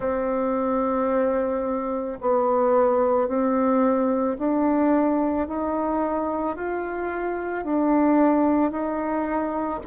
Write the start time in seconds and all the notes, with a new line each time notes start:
0.00 C4
2.20 B3
3.27 C4
4.38 D4
5.47 D#4
6.56 F4
7.64 D4
8.71 D#4